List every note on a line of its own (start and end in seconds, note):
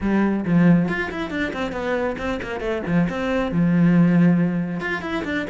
0.00 0.44 G3
0.45 0.88 F3
0.88 1.10 F4
1.11 1.30 E4
1.30 1.52 D4
1.53 1.72 C4
1.72 2.15 B3
2.18 2.40 C4
2.42 2.60 A#3
2.60 2.82 A3
2.86 3.08 F3
3.09 3.51 C4
3.51 4.80 F3
4.80 5.01 F4
5.01 5.23 E4
5.24 5.46 D4